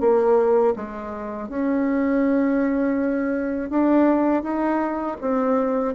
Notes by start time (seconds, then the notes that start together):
0.00 A#3
0.76 G#3
1.49 C#4
3.70 D4
4.43 D#4
5.21 C4